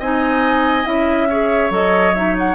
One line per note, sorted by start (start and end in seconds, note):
0.00 0.86 C4
0.00 0.85 D#4
0.00 1.29 D#5
0.00 0.86 G#5
0.85 1.71 C#4
0.85 1.27 E4
0.85 1.72 E5
1.29 1.71 G#4
1.29 2.56 C#5
1.71 2.56 F#3
1.71 2.13 A4
1.71 2.15 D#5
2.15 2.56 D#4
2.15 2.36 E5
2.39 2.56 F#5